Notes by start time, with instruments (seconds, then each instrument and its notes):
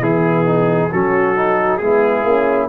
0.00 tuba E3, horn B3, trombone E4, trumpet G#4
0.46 trombone D#4
0.91 tuba F#3, trombone C#4, horn F#4, trumpet A4
1.36 trombone D#4
1.77 tuba G#3, horn B3, trombone E4, trumpet G#4
2.24 tuba A#3, horn C#4